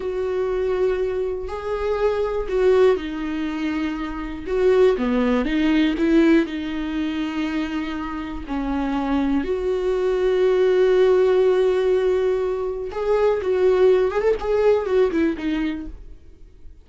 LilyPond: \new Staff \with { instrumentName = "viola" } { \time 4/4 \tempo 4 = 121 fis'2. gis'4~ | gis'4 fis'4 dis'2~ | dis'4 fis'4 b4 dis'4 | e'4 dis'2.~ |
dis'4 cis'2 fis'4~ | fis'1~ | fis'2 gis'4 fis'4~ | fis'8 gis'16 a'16 gis'4 fis'8 e'8 dis'4 | }